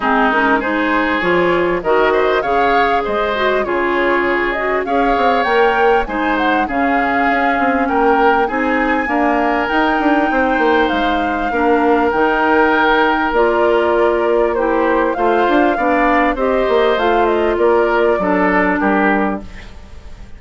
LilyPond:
<<
  \new Staff \with { instrumentName = "flute" } { \time 4/4 \tempo 4 = 99 gis'8 ais'8 c''4 cis''4 dis''4 | f''4 dis''4 cis''4. dis''8 | f''4 g''4 gis''8 fis''8 f''4~ | f''4 g''4 gis''2 |
g''2 f''2 | g''2 d''2 | c''4 f''2 dis''4 | f''8 dis''8 d''2 ais'4 | }
  \new Staff \with { instrumentName = "oboe" } { \time 4/4 dis'4 gis'2 ais'8 c''8 | cis''4 c''4 gis'2 | cis''2 c''4 gis'4~ | gis'4 ais'4 gis'4 ais'4~ |
ais'4 c''2 ais'4~ | ais'1 | g'4 c''4 d''4 c''4~ | c''4 ais'4 a'4 g'4 | }
  \new Staff \with { instrumentName = "clarinet" } { \time 4/4 c'8 cis'8 dis'4 f'4 fis'4 | gis'4. fis'8 f'4. fis'8 | gis'4 ais'4 dis'4 cis'4~ | cis'2 dis'4 ais4 |
dis'2. d'4 | dis'2 f'2 | e'4 f'4 d'4 g'4 | f'2 d'2 | }
  \new Staff \with { instrumentName = "bassoon" } { \time 4/4 gis2 f4 dis4 | cis4 gis4 cis2 | cis'8 c'8 ais4 gis4 cis4 | cis'8 c'8 ais4 c'4 d'4 |
dis'8 d'8 c'8 ais8 gis4 ais4 | dis2 ais2~ | ais4 a8 d'8 b4 c'8 ais8 | a4 ais4 fis4 g4 | }
>>